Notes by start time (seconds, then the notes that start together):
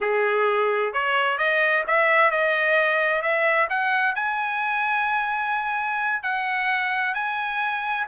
0.01 G#4
0.93 C#5
1.37 D#5
1.87 E5
2.31 D#5
3.22 E5
3.69 F#5
4.15 G#5
6.23 F#5
7.14 G#5